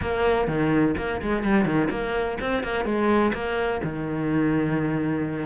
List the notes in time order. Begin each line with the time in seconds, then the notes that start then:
0.01 A#3
0.47 D#3
0.97 A#3
1.21 G#3
1.43 G3
1.65 D#3
1.90 A#3
2.40 C4
2.63 A#3
2.84 G#3
3.33 A#3
3.83 D#3